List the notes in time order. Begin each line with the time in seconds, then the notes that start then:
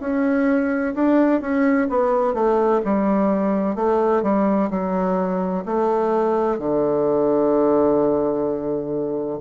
0.00 C#4
0.94 D4
1.41 C#4
1.89 B3
2.34 A3
2.84 G3
3.75 A3
4.22 G3
4.70 F#3
5.65 A3
6.58 D3